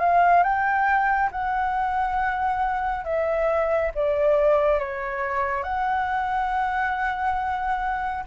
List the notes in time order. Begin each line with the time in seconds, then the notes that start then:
0.00 F5
0.43 G5
1.32 F#5
3.04 E5
3.95 D5
4.79 C#5
5.63 F#5